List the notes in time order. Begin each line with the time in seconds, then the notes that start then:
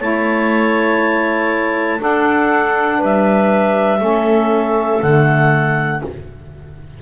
0.00 A3 E4 C#5 A5
1.97 D4 A4 F#5
2.98 G3 B4 E5
3.99 A3 C#4 A4
5.01 D3 A3 F#5